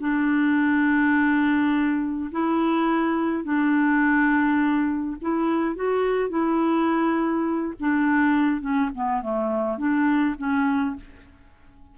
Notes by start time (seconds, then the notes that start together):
0.00 D4
2.32 E4
3.44 D4
5.22 E4
5.76 F#4
6.30 E4
7.80 D4
8.61 C#4
8.95 B3
9.22 A3
9.78 D4
10.38 C#4